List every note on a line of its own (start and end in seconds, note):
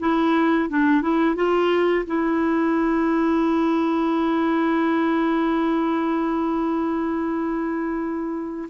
0.00 0.69 E4
0.69 1.02 D4
1.02 1.35 E4
1.35 2.05 F4
2.06 8.69 E4